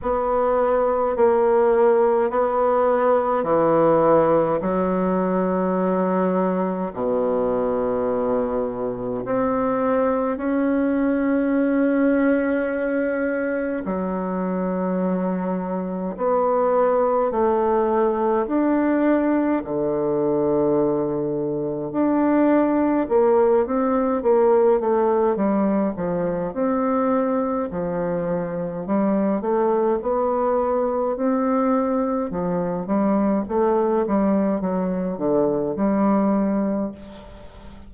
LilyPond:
\new Staff \with { instrumentName = "bassoon" } { \time 4/4 \tempo 4 = 52 b4 ais4 b4 e4 | fis2 b,2 | c'4 cis'2. | fis2 b4 a4 |
d'4 d2 d'4 | ais8 c'8 ais8 a8 g8 f8 c'4 | f4 g8 a8 b4 c'4 | f8 g8 a8 g8 fis8 d8 g4 | }